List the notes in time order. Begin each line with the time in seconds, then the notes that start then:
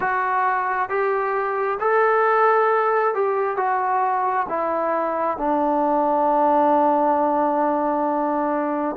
0.00 F#4
0.89 G4
1.80 A4
3.14 G4
3.56 F#4
4.48 E4
5.37 D4